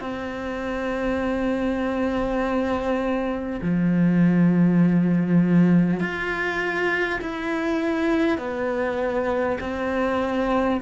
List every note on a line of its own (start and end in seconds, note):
0.00 3.60 C4
3.61 6.00 F3
6.00 7.20 F4
7.21 8.38 E4
8.38 9.58 B3
9.60 10.80 C4